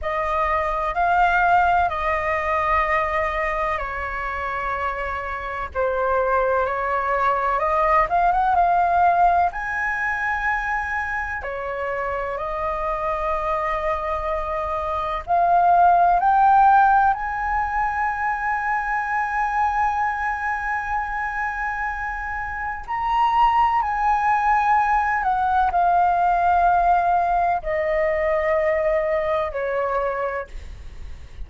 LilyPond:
\new Staff \with { instrumentName = "flute" } { \time 4/4 \tempo 4 = 63 dis''4 f''4 dis''2 | cis''2 c''4 cis''4 | dis''8 f''16 fis''16 f''4 gis''2 | cis''4 dis''2. |
f''4 g''4 gis''2~ | gis''1 | ais''4 gis''4. fis''8 f''4~ | f''4 dis''2 cis''4 | }